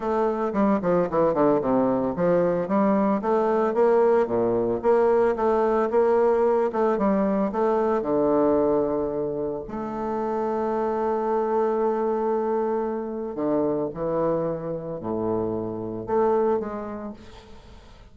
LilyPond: \new Staff \with { instrumentName = "bassoon" } { \time 4/4 \tempo 4 = 112 a4 g8 f8 e8 d8 c4 | f4 g4 a4 ais4 | ais,4 ais4 a4 ais4~ | ais8 a8 g4 a4 d4~ |
d2 a2~ | a1~ | a4 d4 e2 | a,2 a4 gis4 | }